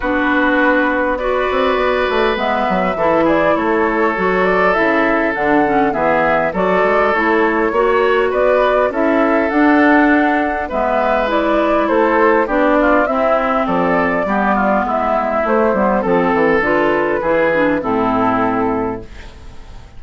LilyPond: <<
  \new Staff \with { instrumentName = "flute" } { \time 4/4 \tempo 4 = 101 b'2 d''2 | e''4. d''8 cis''4. d''8 | e''4 fis''4 e''4 d''4 | cis''2 d''4 e''4 |
fis''2 e''4 d''4 | c''4 d''4 e''4 d''4~ | d''4 e''4 c''4 a'4 | b'2 a'2 | }
  \new Staff \with { instrumentName = "oboe" } { \time 4/4 fis'2 b'2~ | b'4 a'8 gis'8 a'2~ | a'2 gis'4 a'4~ | a'4 cis''4 b'4 a'4~ |
a'2 b'2 | a'4 g'8 f'8 e'4 a'4 | g'8 f'8 e'2 a'4~ | a'4 gis'4 e'2 | }
  \new Staff \with { instrumentName = "clarinet" } { \time 4/4 d'2 fis'2 | b4 e'2 fis'4 | e'4 d'8 cis'8 b4 fis'4 | e'4 fis'2 e'4 |
d'2 b4 e'4~ | e'4 d'4 c'2 | b2 a8 b8 c'4 | f'4 e'8 d'8 c'2 | }
  \new Staff \with { instrumentName = "bassoon" } { \time 4/4 b2~ b8 c'8 b8 a8 | gis8 fis8 e4 a4 fis4 | cis4 d4 e4 fis8 gis8 | a4 ais4 b4 cis'4 |
d'2 gis2 | a4 b4 c'4 f4 | g4 gis4 a8 g8 f8 e8 | d4 e4 a,2 | }
>>